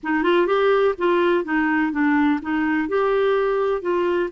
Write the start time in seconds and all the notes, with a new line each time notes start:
0.03 D#4
0.23 F4
0.46 G4
0.97 F4
1.44 D#4
1.92 D4
2.42 D#4
2.88 G4
3.81 F4